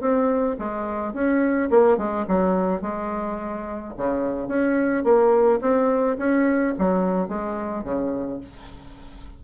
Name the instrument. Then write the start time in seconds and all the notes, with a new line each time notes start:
bassoon
0.00 C4
0.58 G#3
1.13 C#4
1.70 A#3
1.97 G#3
2.28 F#3
2.81 G#3
3.97 C#3
4.47 C#4
5.03 A#3
5.61 C4
6.18 C#4
6.78 F#3
7.28 G#3
7.84 C#3